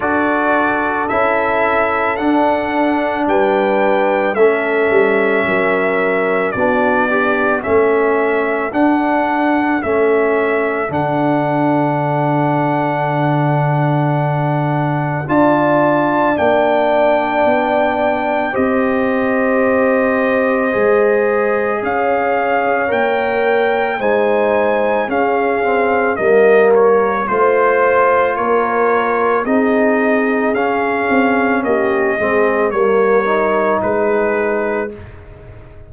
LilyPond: <<
  \new Staff \with { instrumentName = "trumpet" } { \time 4/4 \tempo 4 = 55 d''4 e''4 fis''4 g''4 | e''2 d''4 e''4 | fis''4 e''4 fis''2~ | fis''2 a''4 g''4~ |
g''4 dis''2. | f''4 g''4 gis''4 f''4 | dis''8 cis''8 c''4 cis''4 dis''4 | f''4 dis''4 cis''4 b'4 | }
  \new Staff \with { instrumentName = "horn" } { \time 4/4 a'2. b'4 | a'4 ais'4 fis'8 d'8 a'4~ | a'1~ | a'2 d''2~ |
d''4 c''2. | cis''2 c''4 gis'4 | ais'4 c''4 ais'4 gis'4~ | gis'4 g'8 gis'8 ais'4 gis'4 | }
  \new Staff \with { instrumentName = "trombone" } { \time 4/4 fis'4 e'4 d'2 | cis'2 d'8 g'8 cis'4 | d'4 cis'4 d'2~ | d'2 f'4 d'4~ |
d'4 g'2 gis'4~ | gis'4 ais'4 dis'4 cis'8 c'8 | ais4 f'2 dis'4 | cis'4. c'8 ais8 dis'4. | }
  \new Staff \with { instrumentName = "tuba" } { \time 4/4 d'4 cis'4 d'4 g4 | a8 g8 fis4 b4 a4 | d'4 a4 d2~ | d2 d'4 ais4 |
b4 c'2 gis4 | cis'4 ais4 gis4 cis'4 | g4 a4 ais4 c'4 | cis'8 c'8 ais8 gis8 g4 gis4 | }
>>